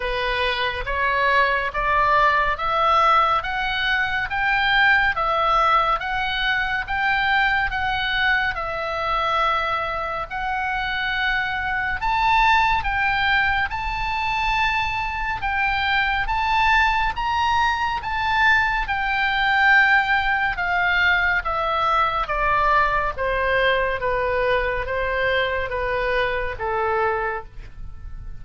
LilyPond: \new Staff \with { instrumentName = "oboe" } { \time 4/4 \tempo 4 = 70 b'4 cis''4 d''4 e''4 | fis''4 g''4 e''4 fis''4 | g''4 fis''4 e''2 | fis''2 a''4 g''4 |
a''2 g''4 a''4 | ais''4 a''4 g''2 | f''4 e''4 d''4 c''4 | b'4 c''4 b'4 a'4 | }